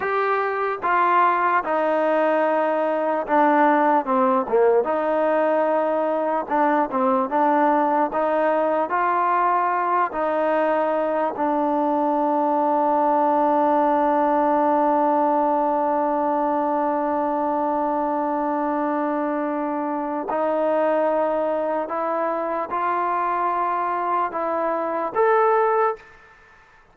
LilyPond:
\new Staff \with { instrumentName = "trombone" } { \time 4/4 \tempo 4 = 74 g'4 f'4 dis'2 | d'4 c'8 ais8 dis'2 | d'8 c'8 d'4 dis'4 f'4~ | f'8 dis'4. d'2~ |
d'1~ | d'1~ | d'4 dis'2 e'4 | f'2 e'4 a'4 | }